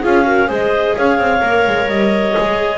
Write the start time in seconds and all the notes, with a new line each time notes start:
0.00 C#4 F4 G#4 F5
0.23 F#4 A#4
0.47 G#3 G#4 C5 D#5
0.96 C#4 C#5 F5
1.18 C4
1.40 A#3 A#4
1.66 G#3
1.88 G3 D#5
2.36 G#3 G#4